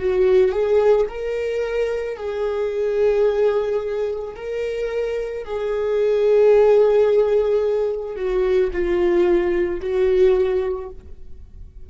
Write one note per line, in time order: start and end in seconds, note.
0.00 0.52 F#4
0.52 1.07 G#4
1.09 2.17 A#4
2.17 4.35 G#4
4.36 5.45 A#4
5.45 8.16 G#4
8.16 8.71 F#4
8.73 9.80 F4
9.80 10.89 F#4